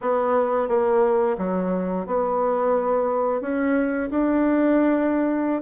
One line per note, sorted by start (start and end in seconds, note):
0.01 0.68 B3
0.68 1.36 A#3
1.38 2.06 F#3
2.06 3.41 B3
3.41 4.09 C#4
4.10 5.62 D4